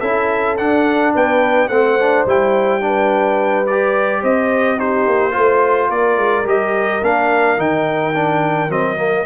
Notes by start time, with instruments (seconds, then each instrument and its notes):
0.00 tuba C#4, trombone E4, horn A4, trumpet E5
0.57 trombone D4, tuba D4, trumpet F#5
1.14 tuba B3, horn B4, trumpet G5
1.68 tuba A3, trombone C4, horn C5, trumpet F#5
1.99 trombone D4
2.26 tuba G3, trombone E4, trumpet G5
2.81 trombone D4, horn B4
3.66 trombone G4, trumpet D5
4.21 tuba C4, horn C5, trumpet D#5
4.78 trombone D#4, horn G4, trumpet C5
5.07 tuba A#3
5.31 tuba A3, trombone F4, horn C5
5.89 tuba A#3, horn A#4, trumpet D5
6.16 tuba G#3
6.45 tuba G3, trombone G4, trumpet D#5
7.02 tuba A#3, trombone D4, trumpet F5
7.57 tuba D#3, trombone D#4, trumpet G5
8.14 trombone D4
8.69 tuba F#3, trombone C4, trumpet D#5
8.96 trombone A#3